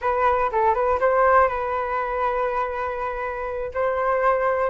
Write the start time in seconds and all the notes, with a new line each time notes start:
0.01 B4
0.52 A4
0.74 B4
1.00 C5
1.48 B4
3.74 C5